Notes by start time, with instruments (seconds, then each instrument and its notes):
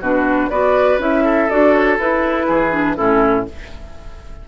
0.00 bassoon B2, clarinet D4, oboe F#4, flute B4
0.50 bassoon B3, clarinet F#4, oboe B4, flute D5
0.98 bassoon C#4, clarinet E4, flute E5
1.24 oboe A4
1.50 bassoon D4, clarinet F#4, flute D5
1.74 flute C#5
1.98 bassoon E4, clarinet E4, flute B4
2.47 bassoon E3, oboe G#4
2.71 clarinet D4
2.96 bassoon A2, clarinet C#4, oboe E4, flute A4